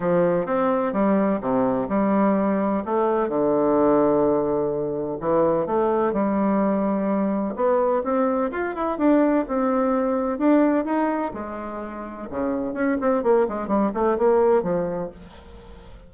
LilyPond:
\new Staff \with { instrumentName = "bassoon" } { \time 4/4 \tempo 4 = 127 f4 c'4 g4 c4 | g2 a4 d4~ | d2. e4 | a4 g2. |
b4 c'4 f'8 e'8 d'4 | c'2 d'4 dis'4 | gis2 cis4 cis'8 c'8 | ais8 gis8 g8 a8 ais4 f4 | }